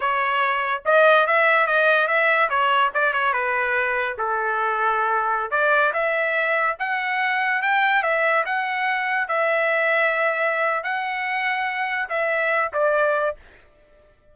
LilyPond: \new Staff \with { instrumentName = "trumpet" } { \time 4/4 \tempo 4 = 144 cis''2 dis''4 e''4 | dis''4 e''4 cis''4 d''8 cis''8 | b'2 a'2~ | a'4~ a'16 d''4 e''4.~ e''16~ |
e''16 fis''2 g''4 e''8.~ | e''16 fis''2 e''4.~ e''16~ | e''2 fis''2~ | fis''4 e''4. d''4. | }